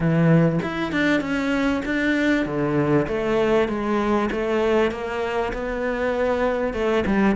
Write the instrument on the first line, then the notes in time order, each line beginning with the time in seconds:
cello
0.00 E3
0.62 E4
0.92 D4
1.21 C#4
1.85 D4
2.45 D3
3.08 A3
3.68 G#3
4.31 A3
4.91 A#3
5.53 B3
6.73 A3
7.06 G3